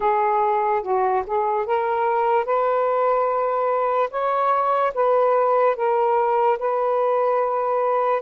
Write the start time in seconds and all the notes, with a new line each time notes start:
0.00 G#4
0.82 F#4
1.26 G#4
1.66 A#4
2.45 B4
4.10 C#5
4.94 B4
5.76 A#4
6.58 B4